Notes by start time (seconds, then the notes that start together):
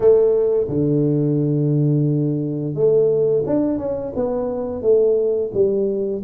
0.00 A3
0.68 D3
2.74 A3
3.45 D4
3.77 C#4
4.15 B3
4.82 A3
5.53 G3